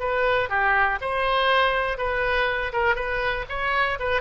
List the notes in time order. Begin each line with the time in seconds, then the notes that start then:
0.00 B4
0.50 G4
1.01 C5
1.98 B4
2.73 A#4
2.96 B4
3.49 C#5
4.00 B4